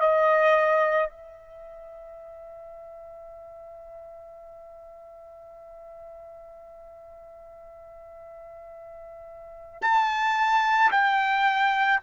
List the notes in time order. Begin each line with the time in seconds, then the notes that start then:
0.00 D#5
1.09 E5
9.82 A5
10.91 G5